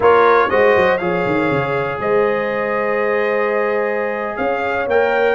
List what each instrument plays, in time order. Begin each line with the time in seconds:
0.00 tuba A#3, trombone F4, horn A#4, trumpet C#5
0.49 tuba G#3, trombone F#4, horn C5, trumpet D#5
0.76 tuba F#3
0.97 tuba F3, trombone G#4, horn C#5, trumpet F5
1.25 tuba D#3
1.50 tuba C#3
1.98 tuba G#3, horn C5, trumpet D#5
4.36 tuba C#4, horn C#5, trumpet F5
4.87 tuba A#3, trombone A#4, trumpet G5